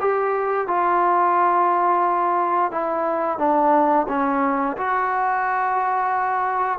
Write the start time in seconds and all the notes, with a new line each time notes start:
0.00 G4
0.67 F4
2.71 E4
3.38 D4
4.08 C#4
4.77 F#4